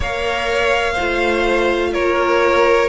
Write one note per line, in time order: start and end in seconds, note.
0.00 0.96 A#3
0.00 0.98 A#4
0.00 0.93 C#5
0.00 1.93 F5
0.93 1.90 C5
0.99 1.96 A3
0.99 2.89 F4
1.93 2.89 A#3
1.93 2.89 A#4
1.93 2.89 C#5